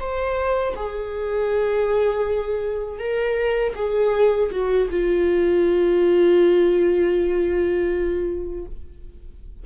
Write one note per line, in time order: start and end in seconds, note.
0.00 0.75 C5
0.76 3.00 G#4
3.00 3.75 A#4
3.76 4.51 G#4
4.52 4.89 F#4
4.91 8.66 F4